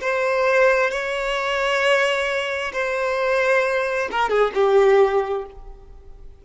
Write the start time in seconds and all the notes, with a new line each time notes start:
0.00 C5
0.90 C#5
2.72 C5
4.11 A#4
4.29 G#4
4.54 G4